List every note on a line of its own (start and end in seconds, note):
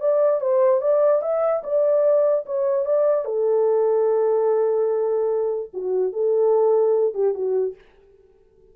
0.00 0.40 D5
0.40 0.81 C5
0.81 1.21 D5
1.21 1.62 E5
1.63 2.45 D5
2.46 2.85 C#5
2.85 3.25 D5
3.25 5.70 A4
5.73 6.12 F#4
6.12 7.14 A4
7.14 7.34 G4
7.34 7.74 F#4